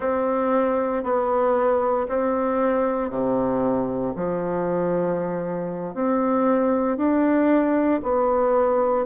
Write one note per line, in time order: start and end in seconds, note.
0.00 1.03 C4
1.03 2.07 B3
2.08 3.10 C4
3.10 4.13 C3
4.15 5.94 F3
5.94 6.97 C4
6.97 8.00 D4
8.02 9.05 B3